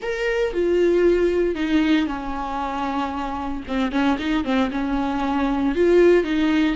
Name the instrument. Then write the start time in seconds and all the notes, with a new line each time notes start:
viola
0.01 A#4
0.53 F4
1.55 D#4
2.06 C#4
3.67 C4
3.91 C#4
4.18 D#4
4.44 C4
4.71 C#4
5.75 F4
6.23 D#4